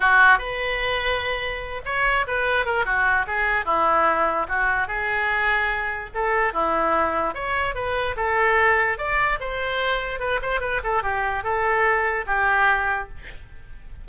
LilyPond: \new Staff \with { instrumentName = "oboe" } { \time 4/4 \tempo 4 = 147 fis'4 b'2.~ | b'8 cis''4 b'4 ais'8 fis'4 | gis'4 e'2 fis'4 | gis'2. a'4 |
e'2 cis''4 b'4 | a'2 d''4 c''4~ | c''4 b'8 c''8 b'8 a'8 g'4 | a'2 g'2 | }